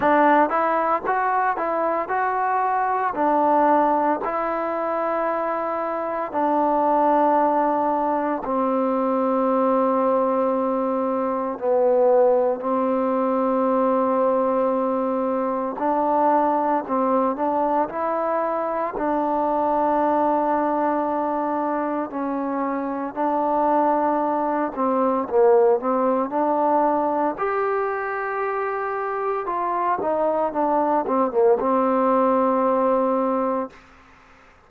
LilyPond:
\new Staff \with { instrumentName = "trombone" } { \time 4/4 \tempo 4 = 57 d'8 e'8 fis'8 e'8 fis'4 d'4 | e'2 d'2 | c'2. b4 | c'2. d'4 |
c'8 d'8 e'4 d'2~ | d'4 cis'4 d'4. c'8 | ais8 c'8 d'4 g'2 | f'8 dis'8 d'8 c'16 ais16 c'2 | }